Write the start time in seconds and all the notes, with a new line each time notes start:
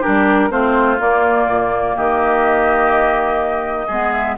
0.00 D4 G4 A#4
0.07 G3
0.50 A3 C4 F4 C5
0.99 A#3 D5
1.46 A#2
1.95 D#3 G4 D#5
3.87 G#3 B3 G#4
4.12 E5